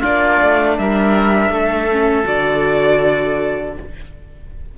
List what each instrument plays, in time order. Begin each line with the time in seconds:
0.00 cello A#3, viola D4, oboe F4, violin D5
0.41 cello A3
0.78 cello G3, oboe A#4, violin E5
1.50 cello A3, oboe A4
1.92 viola C#4
2.24 cello D3, viola F#4, violin D5